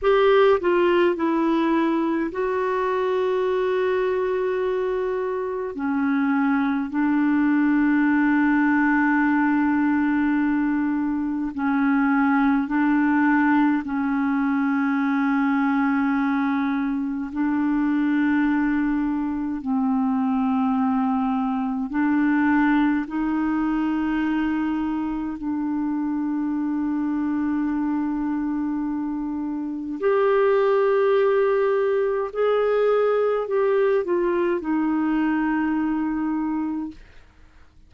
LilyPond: \new Staff \with { instrumentName = "clarinet" } { \time 4/4 \tempo 4 = 52 g'8 f'8 e'4 fis'2~ | fis'4 cis'4 d'2~ | d'2 cis'4 d'4 | cis'2. d'4~ |
d'4 c'2 d'4 | dis'2 d'2~ | d'2 g'2 | gis'4 g'8 f'8 dis'2 | }